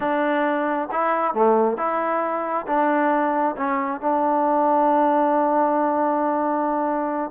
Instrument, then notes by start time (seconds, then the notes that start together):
trombone
0.00 D4
0.91 E4
1.33 A3
1.77 E4
2.66 D4
3.56 C#4
4.00 D4